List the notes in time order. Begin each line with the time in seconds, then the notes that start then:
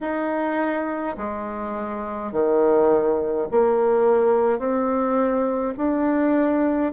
0.01 D#4
1.17 G#3
2.32 D#3
3.51 A#3
4.58 C4
5.77 D4